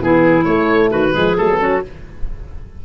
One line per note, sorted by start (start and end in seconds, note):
0.00 0.46 E3
0.00 0.43 B3
0.00 0.90 E4
0.00 0.44 G#4
0.43 1.11 A3
0.43 0.90 A3
0.43 0.90 C#5
0.90 1.13 D#3
0.90 1.13 F#4
0.90 1.37 B4
1.12 1.39 F3
1.12 1.35 G#3
1.12 1.58 G#4
1.37 1.85 F#3
1.37 1.50 A3
1.37 1.83 A4
1.50 1.60 B3
1.60 1.83 C#4
1.60 1.83 F#4